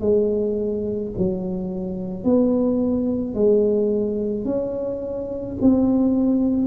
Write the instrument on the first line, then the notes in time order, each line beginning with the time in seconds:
tuba
0.00 G#3
1.17 F#3
2.24 B3
3.34 G#3
4.44 C#4
5.61 C4